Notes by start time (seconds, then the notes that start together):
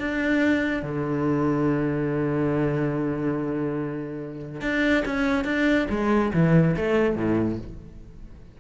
0.00 D4
0.83 D3
4.62 D4
5.06 C#4
5.45 D4
5.90 G#3
6.34 E3
6.77 A3
7.16 A2